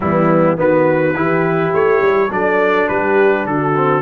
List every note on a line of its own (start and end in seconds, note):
0.00 0.58 E3
0.00 0.56 G3
0.00 0.58 B3
0.00 0.58 E4
0.56 1.14 D#3
0.56 1.14 B3
0.56 1.16 F#4
0.56 1.74 B4
1.14 1.72 E3
1.14 2.29 E4
1.14 2.32 G4
1.74 2.01 A3
1.74 2.31 C#5
2.01 2.30 G3
2.29 2.88 F#3
2.29 3.74 D4
2.29 2.89 A4
2.29 2.88 D5
2.88 3.45 G3
2.88 3.47 G4
2.88 3.46 B4
3.45 4.02 D3
3.45 4.02 F#4
3.45 4.02 A4
3.75 4.02 C4